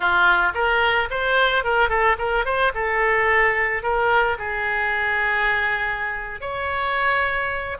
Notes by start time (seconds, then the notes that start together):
0.00 F4
0.54 A#4
1.10 C5
1.63 A#4
1.89 A4
2.18 A#4
2.45 C5
2.74 A4
3.83 A#4
4.38 G#4
6.40 C#5